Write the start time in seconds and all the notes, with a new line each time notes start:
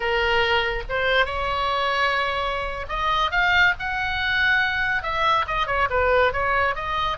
0.00 A#4
0.89 C5
1.25 C#5
2.88 D#5
3.31 F5
3.79 F#5
5.03 E5
5.47 D#5
5.66 C#5
5.89 B4
6.32 C#5
6.75 D#5